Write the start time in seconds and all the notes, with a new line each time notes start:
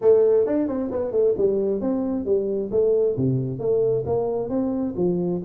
0.01 A3
0.46 D4
0.68 C4
0.91 B3
1.11 A3
1.37 G3
1.80 C4
2.25 G3
2.71 A3
3.17 C3
3.59 A3
4.06 A#3
4.49 C4
4.96 F3